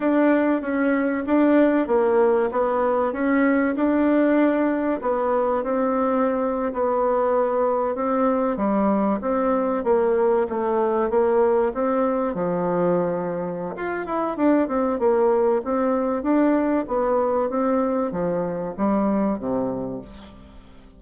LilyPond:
\new Staff \with { instrumentName = "bassoon" } { \time 4/4 \tempo 4 = 96 d'4 cis'4 d'4 ais4 | b4 cis'4 d'2 | b4 c'4.~ c'16 b4~ b16~ | b8. c'4 g4 c'4 ais16~ |
ais8. a4 ais4 c'4 f16~ | f2 f'8 e'8 d'8 c'8 | ais4 c'4 d'4 b4 | c'4 f4 g4 c4 | }